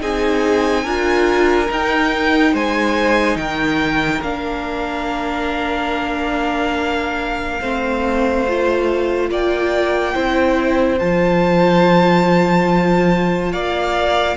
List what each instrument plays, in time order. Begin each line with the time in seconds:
0.00 cello C4, viola D#4, violin G#4 G#5
0.84 cello D4, viola F4, violin A#4
1.67 viola D#4, cello D#4, violin G5
2.53 cello G#3, violin C5 G#5
3.36 cello D#3, violin A#4 G5
4.22 cello A#3, viola D4, violin F5
7.61 cello A3, viola C4, violin C5
8.47 viola F4
9.30 cello A#3, violin D5 G5
10.14 cello C4, viola E4, violin C5
10.99 cello F3, viola F4, violin A5
13.52 cello A#3, violin D5 F5